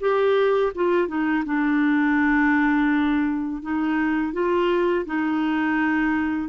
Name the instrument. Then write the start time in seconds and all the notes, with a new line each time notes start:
clarinet
0.00 G4
0.75 F4
1.07 D#4
1.45 D4
3.62 D#4
4.33 F4
5.06 D#4